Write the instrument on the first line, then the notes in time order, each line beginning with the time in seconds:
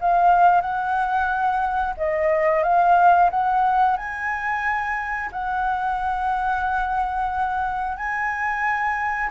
flute
0.00 F5
0.61 F#5
1.97 D#5
2.63 F5
3.30 F#5
3.97 G#5
5.32 F#5
7.97 G#5